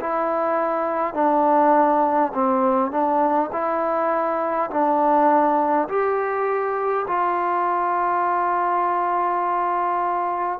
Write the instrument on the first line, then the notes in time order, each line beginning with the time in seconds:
trombone
0.00 E4
1.14 D4
2.34 C4
2.91 D4
3.52 E4
4.70 D4
5.88 G4
7.07 F4